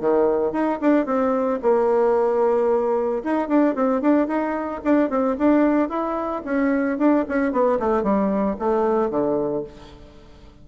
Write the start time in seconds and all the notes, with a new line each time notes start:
0.00 D#3
0.52 D#4
0.81 D4
1.06 C4
1.62 A#3
3.24 D#4
3.48 D4
3.75 C4
4.01 D4
4.27 D#4
4.84 D4
5.10 C4
5.38 D4
5.89 E4
6.44 C#4
6.98 D4
7.28 C#4
7.52 B3
7.79 A3
8.03 G3
8.59 A3
9.10 D3